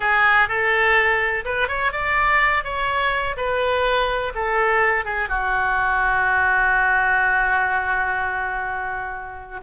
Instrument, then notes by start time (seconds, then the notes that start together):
oboe
0.00 G#4
0.48 A4
1.44 B4
1.68 C#5
1.92 D5
2.64 C#5
3.36 B4
4.34 A4
5.04 G#4
5.28 F#4